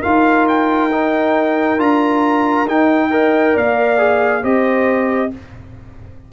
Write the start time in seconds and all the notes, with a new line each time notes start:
0.00 D#4 F4 A#4 F5
0.48 G5
0.92 D#4
1.78 D4 F4 A#5
2.67 D#4 G5
3.11 A#4 D#5
3.54 A#3 D5 F5
3.98 G#4
4.42 C4 G4 C5 D#5